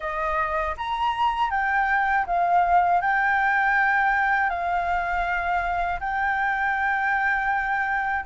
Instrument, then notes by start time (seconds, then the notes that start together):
flute
0.00 D#5
0.77 A#5
1.50 G5
2.26 F5
3.01 G5
4.49 F5
6.00 G5